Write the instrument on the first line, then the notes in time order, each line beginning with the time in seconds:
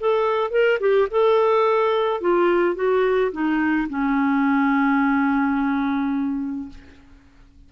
clarinet
0.00 A4
0.51 A#4
0.80 G4
1.11 A4
2.21 F4
2.75 F#4
3.32 D#4
3.89 C#4